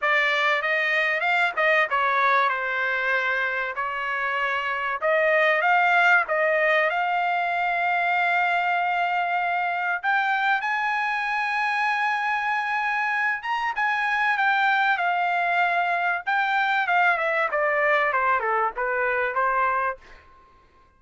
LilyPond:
\new Staff \with { instrumentName = "trumpet" } { \time 4/4 \tempo 4 = 96 d''4 dis''4 f''8 dis''8 cis''4 | c''2 cis''2 | dis''4 f''4 dis''4 f''4~ | f''1 |
g''4 gis''2.~ | gis''4. ais''8 gis''4 g''4 | f''2 g''4 f''8 e''8 | d''4 c''8 a'8 b'4 c''4 | }